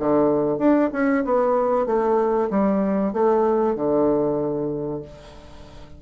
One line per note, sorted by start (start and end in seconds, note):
0.00 0.59 D3
0.59 0.90 D4
0.93 1.25 C#4
1.25 1.87 B3
1.87 2.50 A3
2.51 3.13 G3
3.13 3.76 A3
3.76 5.02 D3